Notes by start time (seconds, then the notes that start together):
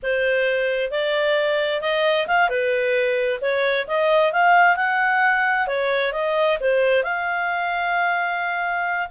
0.02 C5
0.90 D5
1.81 D#5
2.27 F5
2.49 B4
3.41 C#5
3.87 D#5
4.32 F5
4.76 F#5
5.67 C#5
6.12 D#5
6.60 C5
7.03 F5